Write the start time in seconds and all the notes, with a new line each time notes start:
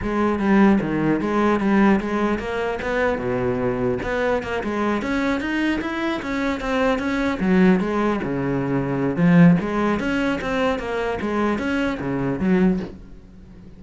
0.02 G#3
0.39 G3
0.81 D#3
1.20 G#3
1.59 G3
2.00 G#3
2.39 A#3
2.82 B3
3.18 B2
4.02 B3
4.43 A#3
4.63 G#3
5.01 C#4
5.40 D#4
5.81 E4
6.22 C#4
6.60 C4
6.99 C#4
7.39 F#3
7.79 G#3
8.23 C#3
9.16 F3
9.60 G#3
9.99 C#4
10.41 C4
10.78 A#3
11.21 G#3
11.58 C#4
11.99 C#3
12.39 F#3